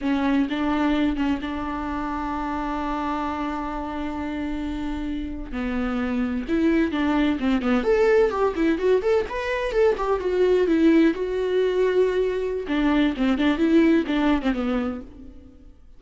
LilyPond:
\new Staff \with { instrumentName = "viola" } { \time 4/4 \tempo 4 = 128 cis'4 d'4. cis'8 d'4~ | d'1~ | d'2.~ d'8. b16~ | b4.~ b16 e'4 d'4 c'16~ |
c'16 b8 a'4 g'8 e'8 fis'8 a'8 b'16~ | b'8. a'8 g'8 fis'4 e'4 fis'16~ | fis'2. d'4 | c'8 d'8 e'4 d'8. c'16 b4 | }